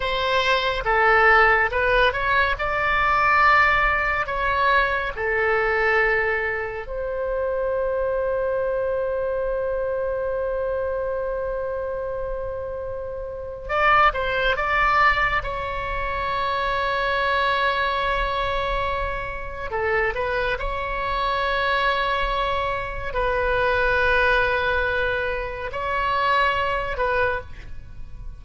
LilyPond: \new Staff \with { instrumentName = "oboe" } { \time 4/4 \tempo 4 = 70 c''4 a'4 b'8 cis''8 d''4~ | d''4 cis''4 a'2 | c''1~ | c''1 |
d''8 c''8 d''4 cis''2~ | cis''2. a'8 b'8 | cis''2. b'4~ | b'2 cis''4. b'8 | }